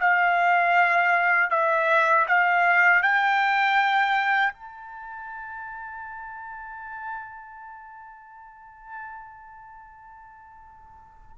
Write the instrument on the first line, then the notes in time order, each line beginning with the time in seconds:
trumpet
0.00 F5
1.50 E5
2.28 F5
3.02 G5
4.53 A5